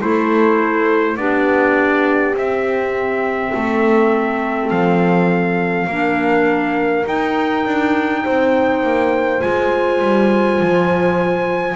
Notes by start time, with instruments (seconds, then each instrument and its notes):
0.00 double bass A3, clarinet E4, horn A4, trumpet C5
1.17 double bass B3, clarinet D4, horn G4, trumpet D5
2.34 double bass C4, clarinet C4, trumpet E5
3.52 double bass A3, horn A4
4.70 double bass F3, trumpet F5
5.87 double bass A#3, clarinet D4, horn A#4
7.05 clarinet D#4, double bass D#4, trumpet G5
7.66 double bass D4
8.24 double bass C4, horn C5
8.84 double bass A#3
9.40 double bass G#3, clarinet F4, trumpet G#5
10.02 double bass G3
10.61 double bass F3